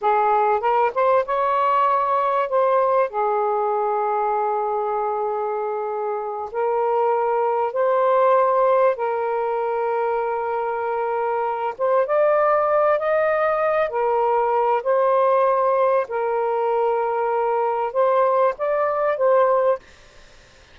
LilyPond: \new Staff \with { instrumentName = "saxophone" } { \time 4/4 \tempo 4 = 97 gis'4 ais'8 c''8 cis''2 | c''4 gis'2.~ | gis'2~ gis'8 ais'4.~ | ais'8 c''2 ais'4.~ |
ais'2. c''8 d''8~ | d''4 dis''4. ais'4. | c''2 ais'2~ | ais'4 c''4 d''4 c''4 | }